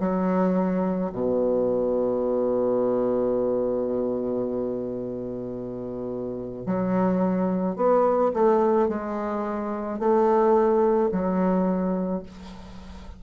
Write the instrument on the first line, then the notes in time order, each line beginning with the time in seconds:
bassoon
0.00 F#3
1.13 B2
6.67 F#3
7.76 B3
8.34 A3
8.89 G#3
9.99 A3
11.12 F#3